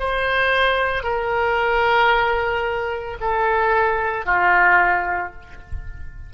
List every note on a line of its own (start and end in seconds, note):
0.00 1.04 C5
1.04 3.18 A#4
3.21 4.26 A4
4.26 5.33 F4